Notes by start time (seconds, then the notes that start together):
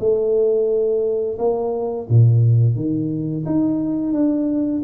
0.00 A3
1.39 A#3
2.10 A#2
2.76 D#3
3.46 D#4
4.13 D4